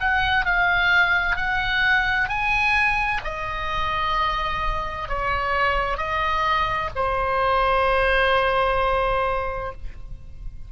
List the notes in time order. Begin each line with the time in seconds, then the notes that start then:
0.00 F#5
0.46 F5
1.36 F#5
2.29 G#5
3.24 D#5
5.09 C#5
5.97 D#5
6.95 C5